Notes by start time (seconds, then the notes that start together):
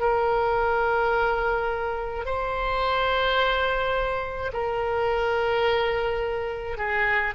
0.00 A#4
2.26 C5
4.53 A#4
6.78 G#4